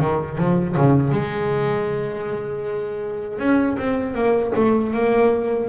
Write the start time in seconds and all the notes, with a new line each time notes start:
0.00 D#3
0.38 F3
0.77 C#3
1.12 G#3
3.38 C#4
3.78 C4
4.14 A#3
4.55 A3
4.94 A#3